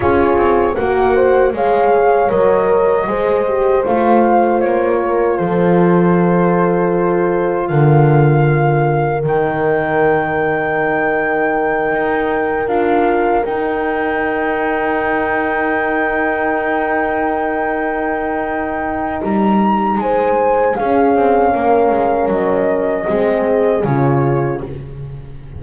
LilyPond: <<
  \new Staff \with { instrumentName = "flute" } { \time 4/4 \tempo 4 = 78 cis''4 fis''4 f''4 dis''4~ | dis''4 f''4 cis''4 c''4~ | c''2 f''2 | g''1~ |
g''8 f''4 g''2~ g''8~ | g''1~ | g''4 ais''4 gis''4 f''4~ | f''4 dis''2 cis''4 | }
  \new Staff \with { instrumentName = "horn" } { \time 4/4 gis'4 ais'8 c''8 cis''2 | c''2~ c''8 ais'8 a'4~ | a'2 ais'2~ | ais'1~ |
ais'1~ | ais'1~ | ais'2 c''4 gis'4 | ais'2 gis'2 | }
  \new Staff \with { instrumentName = "horn" } { \time 4/4 f'4 fis'4 gis'4 ais'4 | gis'8 g'8 f'2.~ | f'1 | dis'1~ |
dis'8 f'4 dis'2~ dis'8~ | dis'1~ | dis'2. cis'4~ | cis'2 c'4 f'4 | }
  \new Staff \with { instrumentName = "double bass" } { \time 4/4 cis'8 c'8 ais4 gis4 fis4 | gis4 a4 ais4 f4~ | f2 d2 | dis2.~ dis8 dis'8~ |
dis'8 d'4 dis'2~ dis'8~ | dis'1~ | dis'4 g4 gis4 cis'8 c'8 | ais8 gis8 fis4 gis4 cis4 | }
>>